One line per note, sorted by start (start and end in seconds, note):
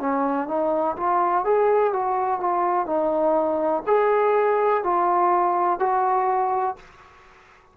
0.00 0.48 C#4
0.48 0.96 D#4
0.97 1.45 F4
1.45 1.93 G#4
1.93 2.40 F#4
2.40 2.86 F4
2.86 3.83 D#4
3.87 4.83 G#4
4.83 5.79 F4
5.79 6.76 F#4